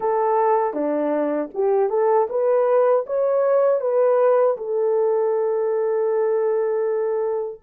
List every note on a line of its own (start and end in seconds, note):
0.00 0.73 A4
0.73 1.49 D4
1.54 1.90 G4
1.90 2.28 A4
2.29 3.05 B4
3.06 3.80 C#5
3.80 4.56 B4
4.57 7.61 A4